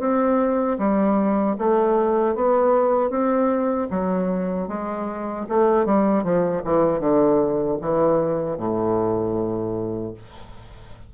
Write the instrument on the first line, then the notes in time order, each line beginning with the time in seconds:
bassoon
0.00 C4
0.79 G3
1.59 A3
2.36 B3
3.10 C4
3.91 F#3
4.69 G#3
5.49 A3
5.86 G3
6.24 F3
6.65 E3
7.01 D3
7.82 E3
8.58 A2